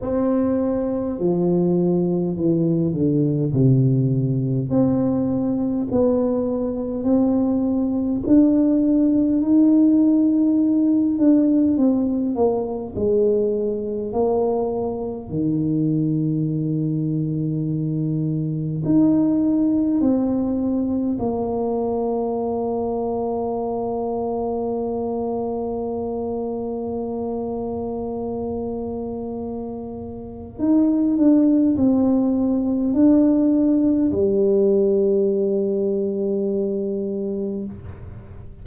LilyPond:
\new Staff \with { instrumentName = "tuba" } { \time 4/4 \tempo 4 = 51 c'4 f4 e8 d8 c4 | c'4 b4 c'4 d'4 | dis'4. d'8 c'8 ais8 gis4 | ais4 dis2. |
dis'4 c'4 ais2~ | ais1~ | ais2 dis'8 d'8 c'4 | d'4 g2. | }